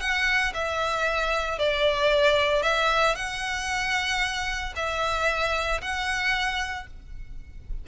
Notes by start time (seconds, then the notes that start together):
0.00 F#5
0.54 E5
1.58 D5
2.62 E5
3.15 F#5
4.76 E5
5.81 F#5